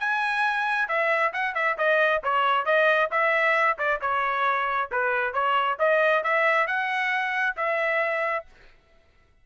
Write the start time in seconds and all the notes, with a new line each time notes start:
0.00 G#5
0.88 E5
1.33 F#5
1.55 E5
1.78 D#5
2.24 C#5
2.66 D#5
3.11 E5
3.79 D5
4.01 C#5
4.92 B4
5.34 C#5
5.79 D#5
6.24 E5
6.67 F#5
7.57 E5